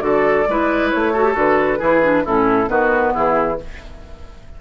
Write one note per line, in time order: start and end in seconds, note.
0.00 0.45 D3
0.00 0.44 F#4
0.00 0.48 A4
0.00 0.90 D5
0.49 0.93 G#3
0.49 1.15 E4
0.49 1.13 B4
0.91 1.35 A3
0.91 1.35 C#5
1.13 1.25 F#4
1.13 1.79 A4
1.25 1.34 G4
1.34 1.80 D3
1.34 1.78 F#4
1.34 2.26 B4
1.79 2.26 E3
1.79 2.01 E4
1.79 2.23 G#4
2.03 2.25 D4
2.25 2.69 A2
2.25 2.67 C#4
2.25 2.70 E4
2.25 2.70 A4
2.67 3.14 D#3
2.67 3.56 B3
2.67 3.14 F#4
2.67 3.14 B4
3.14 3.61 E3
3.14 3.58 E4
3.14 3.60 G#4